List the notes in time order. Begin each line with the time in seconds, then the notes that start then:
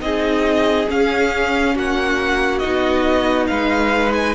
0.00 C4 D#4 G#4 D#5
0.89 C#4 F5
1.75 A#3 F#4 F#5
2.59 D#4 D#5
2.66 B3
3.47 G#3 B4 F5
4.13 G#5